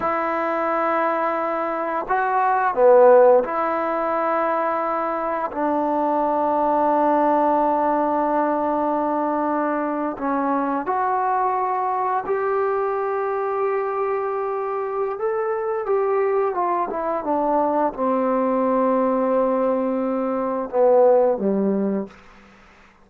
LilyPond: \new Staff \with { instrumentName = "trombone" } { \time 4/4 \tempo 4 = 87 e'2. fis'4 | b4 e'2. | d'1~ | d'2~ d'8. cis'4 fis'16~ |
fis'4.~ fis'16 g'2~ g'16~ | g'2 a'4 g'4 | f'8 e'8 d'4 c'2~ | c'2 b4 g4 | }